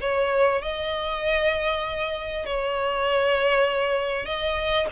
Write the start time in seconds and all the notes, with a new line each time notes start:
0.00 C#5
0.62 D#5
2.45 C#5
4.26 D#5